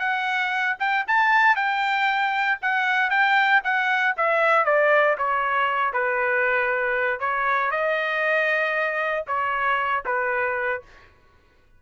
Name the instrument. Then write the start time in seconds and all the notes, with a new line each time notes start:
trumpet
0.00 F#5
0.80 G5
1.08 A5
1.56 G5
2.62 F#5
3.10 G5
3.64 F#5
4.17 E5
4.65 D5
5.18 C#5
5.93 B4
7.20 C#5
7.71 D#5
9.27 C#5
10.06 B4